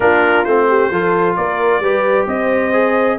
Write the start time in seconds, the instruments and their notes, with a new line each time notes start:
0.00 tuba A#3, trombone D4, horn F4, trumpet A#4
0.44 tuba A3, trombone C4, trumpet C5
0.68 horn G4
0.91 tuba F3, trombone F4, horn A4
1.36 tuba A#3, horn A#4, trumpet D5
1.80 tuba G3, trombone G4, horn B4
2.26 tuba C4, horn C5, trumpet D#5
2.72 trombone G#4